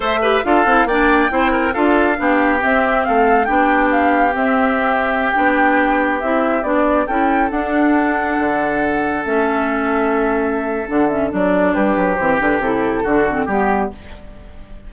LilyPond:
<<
  \new Staff \with { instrumentName = "flute" } { \time 4/4 \tempo 4 = 138 e''4 f''4 g''2 | f''2 e''4 f''4 | g''4 f''4 e''2~ | e''16 g''2 e''4 d''8.~ |
d''16 g''4 fis''2~ fis''8.~ | fis''4~ fis''16 e''2~ e''8.~ | e''4 fis''8 e''8 d''4 b'4 | c''8 b'8 a'2 g'4 | }
  \new Staff \with { instrumentName = "oboe" } { \time 4/4 c''8 b'8 a'4 d''4 c''8 ais'8 | a'4 g'2 a'4 | g'1~ | g'1~ |
g'16 a'2.~ a'8.~ | a'1~ | a'2. g'4~ | g'2 fis'4 g'4 | }
  \new Staff \with { instrumentName = "clarinet" } { \time 4/4 a'8 g'8 f'8 e'8 d'4 e'4 | f'4 d'4 c'2 | d'2 c'2~ | c'16 d'2 e'4 d'8.~ |
d'16 e'4 d'2~ d'8.~ | d'4~ d'16 cis'2~ cis'8.~ | cis'4 d'8 cis'8 d'2 | c'8 d'8 e'4 d'8 c'8 b4 | }
  \new Staff \with { instrumentName = "bassoon" } { \time 4/4 a4 d'8 c'8 ais4 c'4 | d'4 b4 c'4 a4 | b2 c'2~ | c'16 b2 c'4 b8.~ |
b16 cis'4 d'2 d8.~ | d4~ d16 a2~ a8.~ | a4 d4 fis4 g8 fis8 | e8 d8 c4 d4 g4 | }
>>